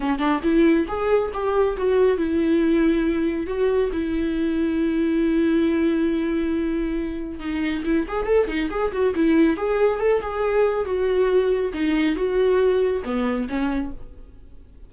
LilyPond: \new Staff \with { instrumentName = "viola" } { \time 4/4 \tempo 4 = 138 cis'8 d'8 e'4 gis'4 g'4 | fis'4 e'2. | fis'4 e'2.~ | e'1~ |
e'4 dis'4 e'8 gis'8 a'8 dis'8 | gis'8 fis'8 e'4 gis'4 a'8 gis'8~ | gis'4 fis'2 dis'4 | fis'2 b4 cis'4 | }